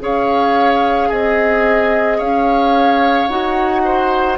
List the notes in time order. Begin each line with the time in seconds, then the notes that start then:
0.00 C#4 G#4 C#5 F5
1.08 C4 G#4 D#5
2.18 C#4 C#5 F5
3.28 D#4 F#4 F#5
3.85 C5